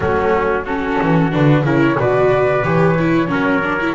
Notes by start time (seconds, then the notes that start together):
0.00 F#3 A3 C#4 F#4
0.64 C#4 F#4 A4
1.01 E3
1.31 D3 D4 B4
1.63 C#3 E4 A#4 C#5
1.99 B2 F#4 B4 D5
2.63 E3 G4 C#5
2.99 E4
3.27 F#3 C#4 A#4
3.63 D4
3.80 E4